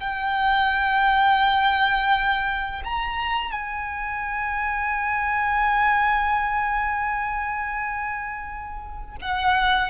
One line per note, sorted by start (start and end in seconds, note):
0.00 2.82 G5
2.84 3.51 A#5
3.51 9.16 G#5
9.21 9.90 F#5